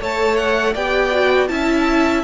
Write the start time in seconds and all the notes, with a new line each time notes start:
0.00 A3 A4 C#5 A5
0.37 F#5
0.73 B3 G4 D5 G5
1.12 F#4
1.48 C#4 E4 E5 A5